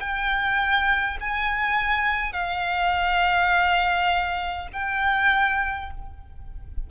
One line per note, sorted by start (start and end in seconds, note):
0.00 1.18 G5
1.20 2.33 G#5
2.33 4.68 F5
4.72 5.90 G5